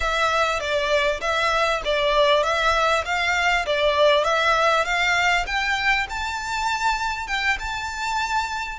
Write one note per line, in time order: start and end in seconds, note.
0.00 0.60 E5
0.60 1.20 D5
1.20 1.81 E5
1.84 2.43 D5
2.43 3.04 E5
3.05 3.65 F5
3.66 4.24 D5
4.24 4.84 E5
4.85 5.45 F5
5.46 6.06 G5
6.09 7.27 A5
7.27 7.57 G5
7.59 8.79 A5